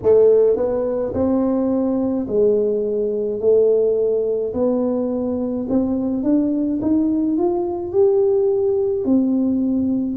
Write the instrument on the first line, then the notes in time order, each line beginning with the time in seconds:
tuba
0.02 A3
0.56 B3
1.13 C4
2.27 G#3
3.40 A3
4.53 B3
5.69 C4
6.23 D4
6.81 D#4
7.37 F4
7.92 G4
9.04 C4